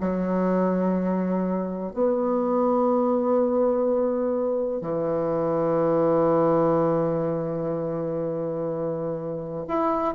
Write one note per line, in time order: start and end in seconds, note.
0.00 1.93 F#3
1.93 4.81 B3
4.81 9.65 E3
9.67 10.14 E4